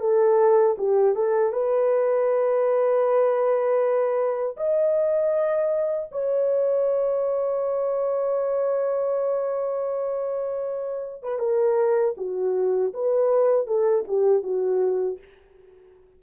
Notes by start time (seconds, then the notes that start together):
0.00 A4
0.78 G4
1.15 A4
1.53 B4
4.57 D#5
6.11 C#5
11.23 B4
11.39 A#4
12.17 F#4
12.94 B4
13.67 A4
14.07 G4
14.43 F#4